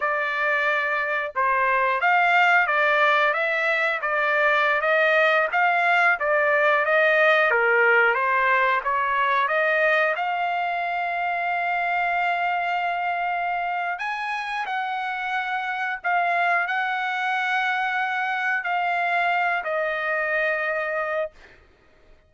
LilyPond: \new Staff \with { instrumentName = "trumpet" } { \time 4/4 \tempo 4 = 90 d''2 c''4 f''4 | d''4 e''4 d''4~ d''16 dis''8.~ | dis''16 f''4 d''4 dis''4 ais'8.~ | ais'16 c''4 cis''4 dis''4 f''8.~ |
f''1~ | f''4 gis''4 fis''2 | f''4 fis''2. | f''4. dis''2~ dis''8 | }